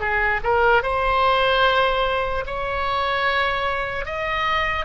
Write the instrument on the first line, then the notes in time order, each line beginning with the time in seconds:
oboe
0.00 G#4
0.43 A#4
0.83 C5
2.46 C#5
4.05 D#5